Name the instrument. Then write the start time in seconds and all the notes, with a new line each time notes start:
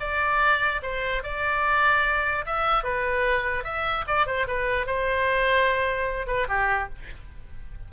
oboe
0.00 D5
0.83 C5
1.23 D5
2.46 E5
2.83 B4
3.64 E5
4.07 D5
4.26 C5
4.47 B4
4.86 C5
6.27 B4
6.48 G4